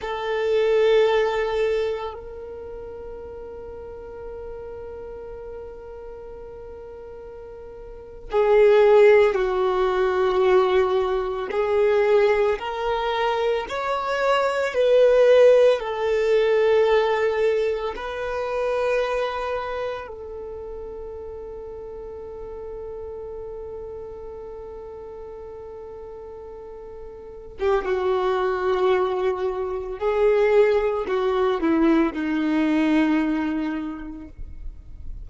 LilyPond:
\new Staff \with { instrumentName = "violin" } { \time 4/4 \tempo 4 = 56 a'2 ais'2~ | ais'2.~ ais'8. gis'16~ | gis'8. fis'2 gis'4 ais'16~ | ais'8. cis''4 b'4 a'4~ a'16~ |
a'8. b'2 a'4~ a'16~ | a'1~ | a'4.~ a'16 g'16 fis'2 | gis'4 fis'8 e'8 dis'2 | }